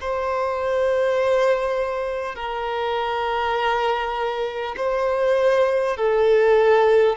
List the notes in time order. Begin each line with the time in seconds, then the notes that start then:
0.00 C5
2.35 A#4
4.77 C5
5.97 A4